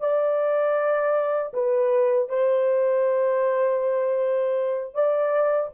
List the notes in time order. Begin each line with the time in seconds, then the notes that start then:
0.00 D5
1.53 B4
2.29 C5
4.94 D5